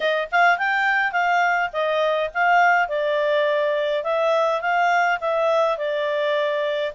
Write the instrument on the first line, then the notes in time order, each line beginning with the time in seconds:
clarinet
0.00 D#5
0.31 F5
0.58 G5
1.12 F5
1.72 D#5
2.34 F5
2.88 D5
4.03 E5
4.61 F5
5.20 E5
5.77 D5